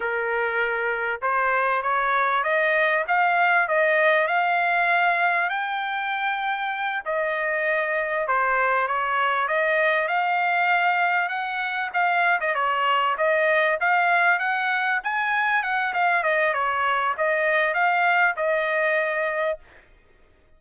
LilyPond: \new Staff \with { instrumentName = "trumpet" } { \time 4/4 \tempo 4 = 98 ais'2 c''4 cis''4 | dis''4 f''4 dis''4 f''4~ | f''4 g''2~ g''8 dis''8~ | dis''4. c''4 cis''4 dis''8~ |
dis''8 f''2 fis''4 f''8~ | f''16 dis''16 cis''4 dis''4 f''4 fis''8~ | fis''8 gis''4 fis''8 f''8 dis''8 cis''4 | dis''4 f''4 dis''2 | }